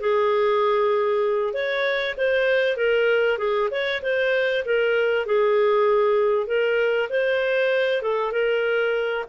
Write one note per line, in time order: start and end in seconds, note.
0.00 1.53 G#4
1.53 2.15 C#5
2.17 2.77 C5
2.77 3.38 A#4
3.38 3.69 G#4
3.70 4.01 C#5
4.02 4.64 C5
4.65 5.26 A#4
5.26 6.47 G#4
6.47 7.09 A#4
7.09 8.02 C5
8.02 8.32 A4
8.32 9.25 A#4